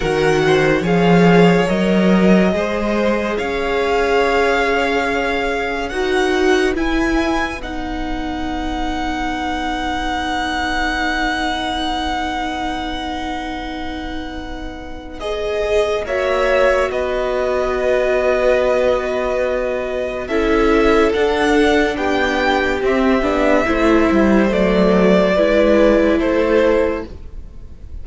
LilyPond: <<
  \new Staff \with { instrumentName = "violin" } { \time 4/4 \tempo 4 = 71 fis''4 f''4 dis''2 | f''2. fis''4 | gis''4 fis''2.~ | fis''1~ |
fis''2 dis''4 e''4 | dis''1 | e''4 fis''4 g''4 e''4~ | e''4 d''2 c''4 | }
  \new Staff \with { instrumentName = "violin" } { \time 4/4 ais'8 c''8 cis''2 c''4 | cis''2. b'4~ | b'1~ | b'1~ |
b'2. cis''4 | b'1 | a'2 g'2 | c''2 b'4 a'4 | }
  \new Staff \with { instrumentName = "viola" } { \time 4/4 fis'4 gis'4 ais'4 gis'4~ | gis'2. fis'4 | e'4 dis'2.~ | dis'1~ |
dis'2 gis'4 fis'4~ | fis'1 | e'4 d'2 c'8 d'8 | e'4 a4 e'2 | }
  \new Staff \with { instrumentName = "cello" } { \time 4/4 dis4 f4 fis4 gis4 | cis'2. dis'4 | e'4 b2.~ | b1~ |
b2. ais4 | b1 | cis'4 d'4 b4 c'8 b8 | a8 g8 fis4 gis4 a4 | }
>>